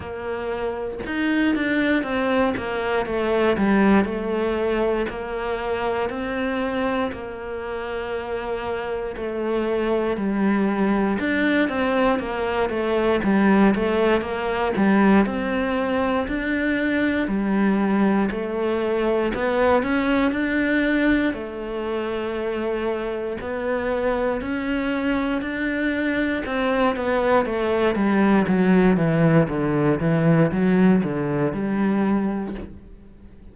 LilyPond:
\new Staff \with { instrumentName = "cello" } { \time 4/4 \tempo 4 = 59 ais4 dis'8 d'8 c'8 ais8 a8 g8 | a4 ais4 c'4 ais4~ | ais4 a4 g4 d'8 c'8 | ais8 a8 g8 a8 ais8 g8 c'4 |
d'4 g4 a4 b8 cis'8 | d'4 a2 b4 | cis'4 d'4 c'8 b8 a8 g8 | fis8 e8 d8 e8 fis8 d8 g4 | }